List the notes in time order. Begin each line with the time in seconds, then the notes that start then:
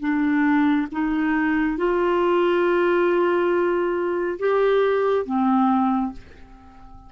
0.00 D4
0.92 D#4
1.77 F4
4.39 G4
5.25 C4